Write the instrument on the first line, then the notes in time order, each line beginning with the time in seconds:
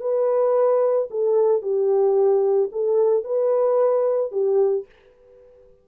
horn
0.00 B4
1.10 A4
1.62 G4
2.72 A4
3.24 B4
4.31 G4